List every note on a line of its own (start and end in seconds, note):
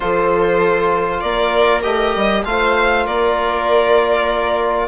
0.00 1.23 F3
0.00 1.82 F4
0.00 1.22 A4
0.00 1.20 C5
1.20 1.84 A#3
1.20 2.44 A#4
1.20 1.81 D5
1.82 2.15 A3
1.82 2.43 G4
1.82 2.44 D#5
2.15 2.45 G3
2.44 3.06 A3
2.44 4.87 F4
2.44 3.05 C5
2.44 3.05 F5
3.05 4.87 A#3
3.05 4.87 A#4
3.05 4.87 D5